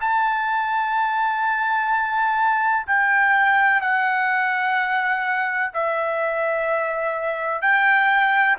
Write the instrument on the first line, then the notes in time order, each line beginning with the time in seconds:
trumpet
0.00 A5
2.87 G5
3.81 F#5
5.73 E5
7.61 G5